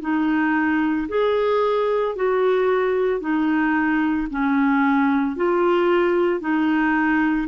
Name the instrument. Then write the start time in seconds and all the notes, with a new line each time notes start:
clarinet
0.00 D#4
1.08 G#4
2.15 F#4
3.20 D#4
4.30 C#4
5.36 F4
6.40 D#4